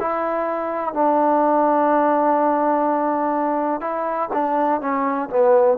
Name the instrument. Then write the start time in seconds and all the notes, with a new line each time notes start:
trombone
0.00 E4
0.94 D4
3.81 E4
4.33 D4
4.81 C#4
5.30 B3